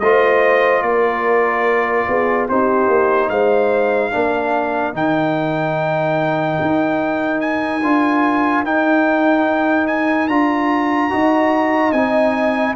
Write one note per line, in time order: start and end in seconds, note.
0.00 0.82 A3
0.00 2.50 F4
0.00 0.86 C5
0.00 0.82 D#5
0.82 2.06 A#3
0.82 2.09 A#4
0.82 2.47 D5
2.08 2.49 B3
2.08 2.49 G#4
2.49 2.88 C4
2.49 4.11 D#4
2.49 3.30 G4
2.49 3.29 C5
2.88 3.29 A#3
3.29 4.11 G#3
3.29 4.11 C5
3.29 4.94 F5
4.11 4.93 A#3
4.11 4.93 D4
4.11 11.10 A#4
4.93 6.58 D#3
4.93 7.81 D#4
4.93 7.41 G5
6.61 7.83 D#4
7.41 8.64 G#5
7.83 8.64 D4
7.83 8.65 F4
8.64 10.28 D#4
8.64 10.29 D#4
8.64 9.87 G5
9.87 10.28 G#5
10.28 11.11 D4
10.28 11.10 F4
10.28 11.92 A#5
11.10 11.92 D#4
11.10 11.92 F#4
11.10 12.76 D#5
11.92 12.74 C4
11.92 12.76 D#4
11.92 12.74 G#5